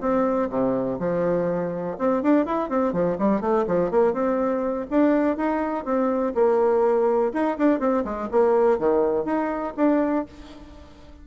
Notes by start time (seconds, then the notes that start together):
0.00 C4
0.49 C3
0.99 F3
1.98 C4
2.22 D4
2.45 E4
2.69 C4
2.93 F3
3.18 G3
3.41 A3
3.67 F3
3.90 A#3
4.13 C4
4.90 D4
5.37 D#4
5.84 C4
6.35 A#3
7.33 D#4
7.58 D4
7.79 C4
8.04 G#3
8.31 A#3
8.78 D#3
9.24 D#4
9.76 D4